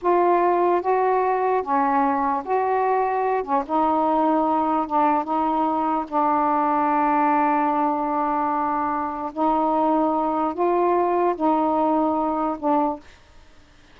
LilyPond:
\new Staff \with { instrumentName = "saxophone" } { \time 4/4 \tempo 4 = 148 f'2 fis'2 | cis'2 fis'2~ | fis'8 cis'8 dis'2. | d'4 dis'2 d'4~ |
d'1~ | d'2. dis'4~ | dis'2 f'2 | dis'2. d'4 | }